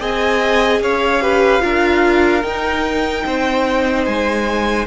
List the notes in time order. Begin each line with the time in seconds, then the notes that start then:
0.00 C4 G#4 D#5 G#5
0.80 C#4 C#5 F5
1.21 G4 B4
1.60 D4 F4 A#4
2.43 D#4 G5
3.26 C4 C5
4.05 G#3 G#5